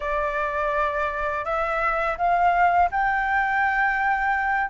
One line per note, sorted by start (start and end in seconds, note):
0.00 1.45 D5
1.45 2.17 E5
2.17 2.89 F5
2.91 4.70 G5